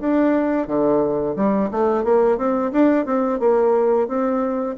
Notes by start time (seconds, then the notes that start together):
0.00 D4
0.68 D3
1.36 G3
1.71 A3
2.04 A#3
2.38 C4
2.72 D4
3.06 C4
3.40 A#3
4.08 C4